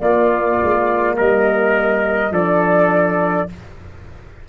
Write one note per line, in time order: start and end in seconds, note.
0.00 0.58 A#3
0.00 2.33 A#3
0.00 1.17 F4
0.00 1.15 D5
0.62 1.19 G#3
1.17 2.31 G3
1.17 2.32 A#4
1.17 2.33 D#5
2.31 3.46 F3
2.31 3.48 D4
2.31 3.48 A4
2.31 3.48 D5